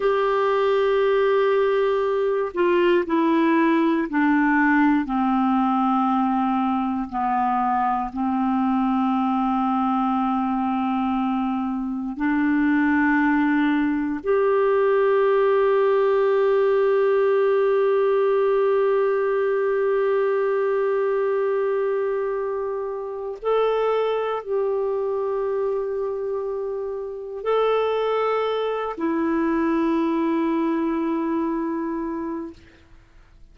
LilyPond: \new Staff \with { instrumentName = "clarinet" } { \time 4/4 \tempo 4 = 59 g'2~ g'8 f'8 e'4 | d'4 c'2 b4 | c'1 | d'2 g'2~ |
g'1~ | g'2. a'4 | g'2. a'4~ | a'8 e'2.~ e'8 | }